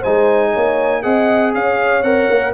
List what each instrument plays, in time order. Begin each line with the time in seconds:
0.00 trombone D#4, horn C5, trumpet G#5
0.06 tuba G#3
0.53 tuba A#3, horn C#5
1.03 tuba C4, trombone G#4, horn D#5, trumpet F#5
1.54 tuba C#4, horn C#5, trumpet F5
2.03 tuba C4, trombone A#4, trumpet F#5
2.30 tuba A#3